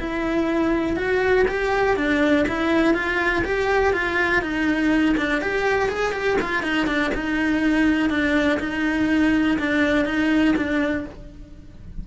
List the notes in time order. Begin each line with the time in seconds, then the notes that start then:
0.00 E4
0.97 F#4
1.48 G4
1.97 D4
2.49 E4
2.94 F4
3.45 G4
3.93 F4
4.42 D#4
5.18 D4
5.42 G4
5.89 G#4
6.13 G4
6.42 F4
6.63 D#4
6.87 D4
7.15 D#4
8.10 D4
8.60 D#4
9.59 D4
10.06 D#4
10.57 D4